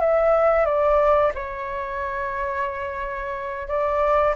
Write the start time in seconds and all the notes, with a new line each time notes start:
0.00 E5
0.66 D5
1.35 C#5
3.68 D5